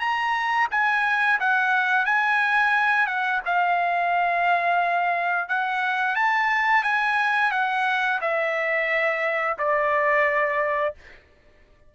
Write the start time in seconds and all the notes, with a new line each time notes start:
0.00 A#5
0.71 G#5
1.40 F#5
2.05 G#5
3.07 F#5
3.46 F5
5.49 F#5
6.16 A5
6.84 G#5
7.52 F#5
8.21 E5
9.59 D5